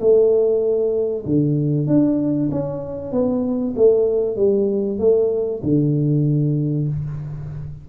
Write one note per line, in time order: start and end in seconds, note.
0.00 1.25 A3
1.26 1.87 D3
1.87 2.49 D4
2.52 3.12 C#4
3.12 3.74 B3
3.76 4.36 A3
4.36 4.99 G3
4.99 5.61 A3
5.63 6.88 D3